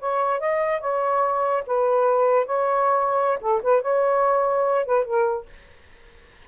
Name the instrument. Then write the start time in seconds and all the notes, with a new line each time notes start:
saxophone
0.00 C#5
0.40 D#5
0.81 C#5
1.67 B4
2.46 C#5
3.41 A4
3.63 B4
3.82 C#5
4.85 B4
5.05 A#4